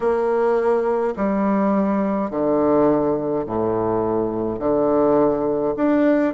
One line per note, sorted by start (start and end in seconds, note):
0.00 1.14 A#3
1.16 2.30 G3
2.30 3.45 D3
3.46 4.58 A2
4.58 5.74 D3
5.76 6.34 D4